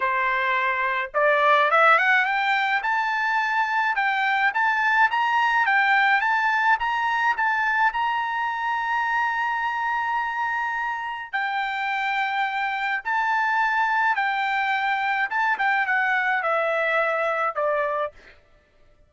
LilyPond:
\new Staff \with { instrumentName = "trumpet" } { \time 4/4 \tempo 4 = 106 c''2 d''4 e''8 fis''8 | g''4 a''2 g''4 | a''4 ais''4 g''4 a''4 | ais''4 a''4 ais''2~ |
ais''1 | g''2. a''4~ | a''4 g''2 a''8 g''8 | fis''4 e''2 d''4 | }